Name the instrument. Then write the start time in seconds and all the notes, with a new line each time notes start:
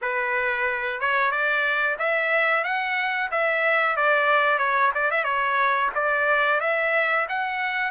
trumpet
0.01 B4
1.00 C#5
1.31 D5
1.98 E5
2.64 F#5
3.31 E5
3.96 D5
4.58 C#5
4.94 D5
5.11 E5
5.24 C#5
5.94 D5
6.60 E5
7.28 F#5